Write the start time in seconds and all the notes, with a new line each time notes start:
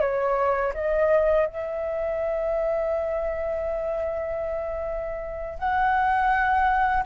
0.00 C#5
0.74 D#5
1.46 E5
5.59 F#5